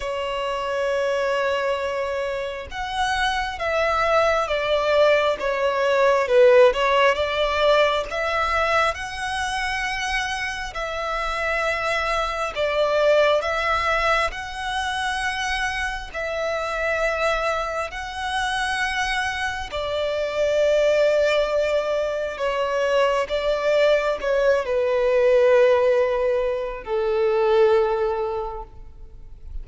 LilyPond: \new Staff \with { instrumentName = "violin" } { \time 4/4 \tempo 4 = 67 cis''2. fis''4 | e''4 d''4 cis''4 b'8 cis''8 | d''4 e''4 fis''2 | e''2 d''4 e''4 |
fis''2 e''2 | fis''2 d''2~ | d''4 cis''4 d''4 cis''8 b'8~ | b'2 a'2 | }